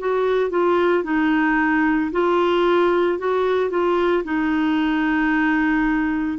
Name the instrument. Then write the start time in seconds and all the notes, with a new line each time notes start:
clarinet
0.00 F#4
0.51 F4
1.04 D#4
2.12 F4
3.19 F#4
3.71 F4
4.24 D#4